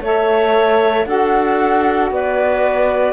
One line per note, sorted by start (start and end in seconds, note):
0.00 1.05 A3
0.00 1.05 A4
0.00 1.07 C#5
0.00 1.05 E5
1.05 2.10 D4
1.05 3.12 F#4
1.05 2.12 A4
1.05 2.10 F#5
2.10 3.12 B3
2.10 3.12 B4
2.10 3.12 D5